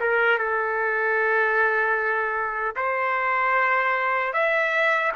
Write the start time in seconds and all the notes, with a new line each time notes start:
0.00 A#4
0.38 A4
2.76 C5
4.33 E5